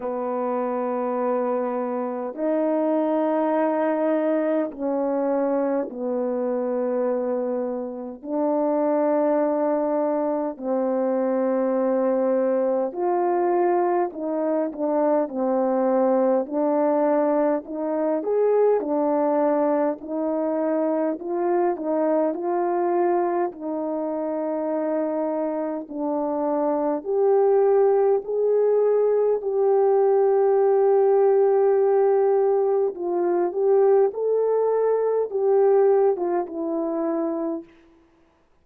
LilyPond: \new Staff \with { instrumentName = "horn" } { \time 4/4 \tempo 4 = 51 b2 dis'2 | cis'4 b2 d'4~ | d'4 c'2 f'4 | dis'8 d'8 c'4 d'4 dis'8 gis'8 |
d'4 dis'4 f'8 dis'8 f'4 | dis'2 d'4 g'4 | gis'4 g'2. | f'8 g'8 a'4 g'8. f'16 e'4 | }